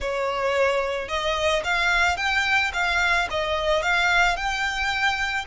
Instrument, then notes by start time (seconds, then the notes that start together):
violin
0.00 C#5
1.08 D#5
1.63 F5
2.16 G5
2.73 F5
3.30 D#5
3.82 F5
4.36 G5